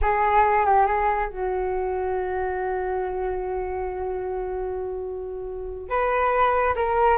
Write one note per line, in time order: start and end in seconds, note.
0.01 0.65 G#4
0.65 0.86 G4
0.86 1.29 G#4
1.29 5.89 F#4
5.89 6.74 B4
6.75 7.17 A#4